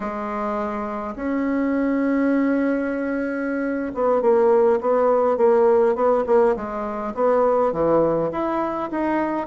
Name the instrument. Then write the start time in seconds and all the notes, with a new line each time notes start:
bassoon
0.00 G#3
1.15 C#4
3.94 B3
4.21 A#3
4.81 B3
5.37 A#3
5.95 B3
6.26 A#3
6.55 G#3
7.14 B3
7.72 E3
8.31 E4
8.90 D#4